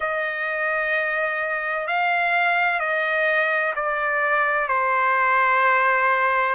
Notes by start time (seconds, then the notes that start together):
0.00 D#5
1.87 F5
2.79 D#5
3.75 D5
4.68 C5